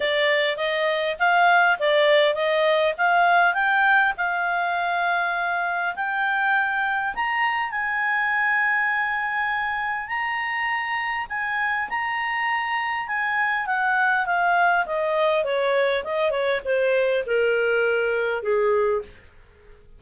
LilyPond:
\new Staff \with { instrumentName = "clarinet" } { \time 4/4 \tempo 4 = 101 d''4 dis''4 f''4 d''4 | dis''4 f''4 g''4 f''4~ | f''2 g''2 | ais''4 gis''2.~ |
gis''4 ais''2 gis''4 | ais''2 gis''4 fis''4 | f''4 dis''4 cis''4 dis''8 cis''8 | c''4 ais'2 gis'4 | }